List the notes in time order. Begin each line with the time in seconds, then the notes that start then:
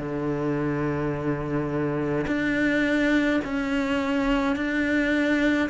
0.00 D3
2.28 D4
3.45 C#4
4.56 D4